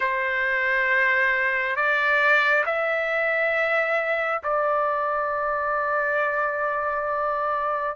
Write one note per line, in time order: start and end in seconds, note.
0.00 1.76 C5
1.76 2.64 D5
2.65 4.42 E5
4.43 7.95 D5